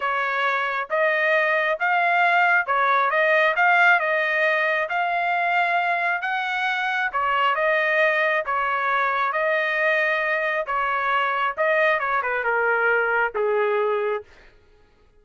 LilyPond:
\new Staff \with { instrumentName = "trumpet" } { \time 4/4 \tempo 4 = 135 cis''2 dis''2 | f''2 cis''4 dis''4 | f''4 dis''2 f''4~ | f''2 fis''2 |
cis''4 dis''2 cis''4~ | cis''4 dis''2. | cis''2 dis''4 cis''8 b'8 | ais'2 gis'2 | }